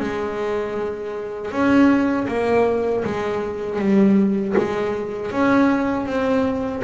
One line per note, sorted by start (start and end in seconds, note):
0.00 1.51 G#3
1.51 2.27 C#4
2.28 3.04 A#3
3.04 3.79 G#3
3.79 4.55 G3
4.58 5.31 G#3
5.31 6.06 C#4
6.06 6.82 C4